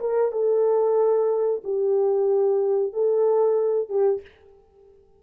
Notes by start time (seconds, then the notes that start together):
0.00 A#4
0.31 A4
1.63 G4
2.93 A4
3.89 G4